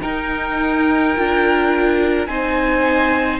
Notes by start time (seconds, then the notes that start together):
0.00 D#4 A#4 G5
1.15 D4 F4
2.26 C4 D#4 C5 G#5